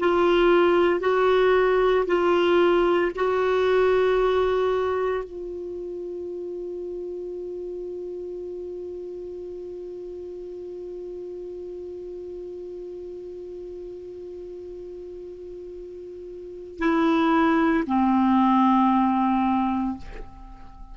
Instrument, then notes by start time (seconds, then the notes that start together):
clarinet
0.00 F4
1.00 F#4
2.07 F4
3.15 F#4
5.24 F4
16.79 E4
17.87 C4